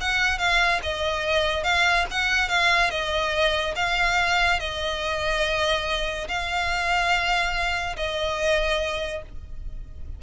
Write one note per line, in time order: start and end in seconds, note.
0.00 0.38 F#5
0.38 0.80 F5
0.82 1.63 D#5
1.63 2.05 F5
2.11 2.49 F#5
2.49 2.90 F5
2.90 3.74 D#5
3.75 4.59 F5
4.59 6.27 D#5
6.28 7.96 F5
7.96 9.22 D#5